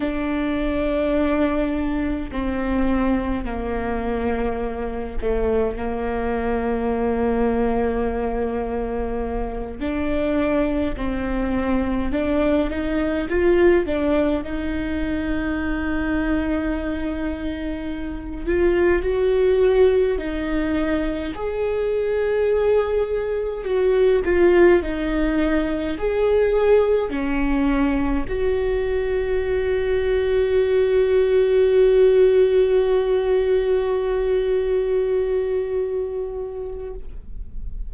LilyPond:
\new Staff \with { instrumentName = "viola" } { \time 4/4 \tempo 4 = 52 d'2 c'4 ais4~ | ais8 a8 ais2.~ | ais8 d'4 c'4 d'8 dis'8 f'8 | d'8 dis'2.~ dis'8 |
f'8 fis'4 dis'4 gis'4.~ | gis'8 fis'8 f'8 dis'4 gis'4 cis'8~ | cis'8 fis'2.~ fis'8~ | fis'1 | }